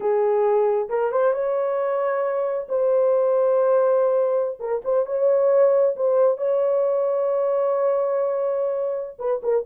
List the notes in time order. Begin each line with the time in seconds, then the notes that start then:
0.00 G#4
0.89 A#4
1.11 C5
1.33 C#5
2.68 C5
4.59 A#4
4.84 C5
5.06 C#5
5.96 C5
6.37 C#5
9.19 B4
9.42 A#4